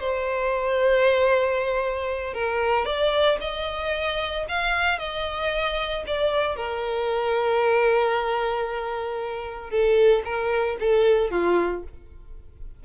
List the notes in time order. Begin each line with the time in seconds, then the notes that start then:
0.00 C5
2.34 A#4
2.86 D5
3.41 D#5
4.49 F5
4.99 D#5
6.07 D5
6.57 A#4
9.71 A4
10.25 A#4
10.80 A4
11.31 F4